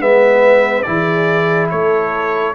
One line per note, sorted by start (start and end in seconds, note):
0.00 0.85 G#3
0.00 0.85 B3
0.00 0.85 B4
0.00 0.82 E5
0.82 1.72 E3
0.82 2.55 E4
0.82 1.67 D5
0.89 1.71 G#4
1.70 2.55 A3
1.70 2.55 A4
1.70 2.54 C#5